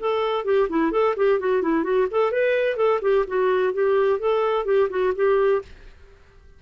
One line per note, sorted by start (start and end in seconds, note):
0.00 0.45 A4
0.45 0.68 G4
0.69 0.92 E4
0.92 1.15 A4
1.17 1.40 G4
1.40 1.62 F#4
1.62 1.84 E4
1.84 2.07 F#4
2.11 2.32 A4
2.32 2.77 B4
2.77 3.00 A4
3.02 3.25 G4
3.27 3.73 F#4
3.73 4.20 G4
4.20 4.65 A4
4.65 4.89 G4
4.90 5.13 F#4
5.15 5.62 G4